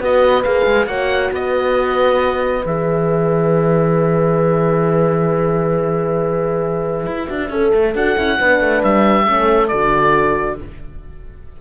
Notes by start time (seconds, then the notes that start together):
0.00 B3 F#4 B4 D#5
0.44 A#3 G#4 F5
0.66 G#3
0.86 A#3 F#4 C#5 F#5
1.32 B3 B4 D#5
2.66 E3 G#4 E5
7.06 E4
7.27 D4 F#4
7.50 C#4 A4
7.74 A3
7.95 D4 F#4 F#5
8.17 C#4 E4
8.39 B3 D4 B4
8.60 A3
8.84 G3 E5
9.26 A3 C#4 A4
9.68 D3 F#4 D5